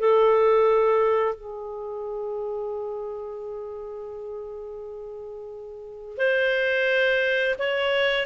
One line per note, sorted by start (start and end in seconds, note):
0.00 1.35 A4
1.35 6.18 G#4
6.18 7.56 C5
7.59 8.26 C#5